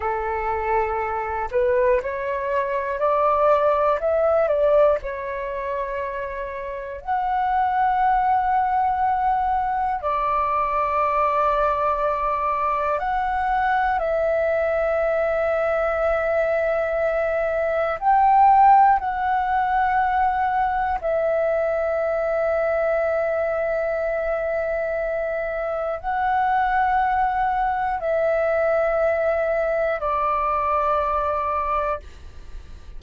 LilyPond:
\new Staff \with { instrumentName = "flute" } { \time 4/4 \tempo 4 = 60 a'4. b'8 cis''4 d''4 | e''8 d''8 cis''2 fis''4~ | fis''2 d''2~ | d''4 fis''4 e''2~ |
e''2 g''4 fis''4~ | fis''4 e''2.~ | e''2 fis''2 | e''2 d''2 | }